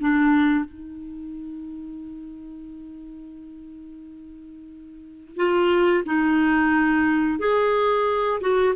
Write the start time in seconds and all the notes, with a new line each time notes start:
0.00 D4
0.64 D#4
5.36 F4
6.05 D#4
7.39 G#4
8.41 F#4